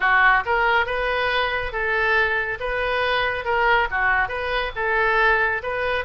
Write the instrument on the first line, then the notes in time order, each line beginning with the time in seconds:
oboe
0.00 F#4
0.45 A#4
0.86 B4
1.72 A4
2.59 B4
3.44 A#4
3.90 F#4
4.28 B4
4.75 A4
5.62 B4